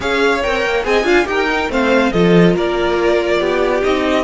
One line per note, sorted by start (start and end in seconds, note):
0.00 0.43 C#4
0.00 0.42 G#4
0.00 0.86 C#5
0.00 0.42 F5
0.42 0.65 C4
0.42 0.83 A#4
0.42 0.85 G5
0.65 0.84 A#3
0.83 1.03 C4
0.83 1.04 G#4
0.83 1.05 D#5
0.83 1.27 G#5
1.03 1.25 D4
1.03 1.25 F4
1.03 1.26 F5
1.25 1.68 D#4
1.25 1.46 G4
1.25 1.71 A#4
1.25 1.70 G5
1.49 1.69 D#4
1.68 2.11 A3
1.68 2.12 C4
1.68 2.13 C5
1.68 2.11 F5
2.11 2.55 F3
2.11 3.82 F4
2.11 2.55 A4
2.11 2.54 D#5
2.55 3.40 A#3
2.55 3.40 A#4
2.55 3.83 D5
3.40 3.82 B3
3.40 4.23 G4
3.82 4.23 C4
3.82 4.23 D#4
3.82 4.23 D#5